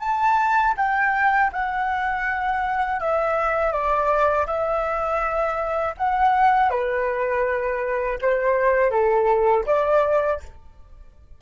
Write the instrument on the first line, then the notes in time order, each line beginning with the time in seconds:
flute
0.00 A5
0.77 G5
1.53 F#5
3.00 E5
3.72 D5
4.46 E5
5.97 F#5
6.70 B4
8.21 C5
8.91 A4
9.66 D5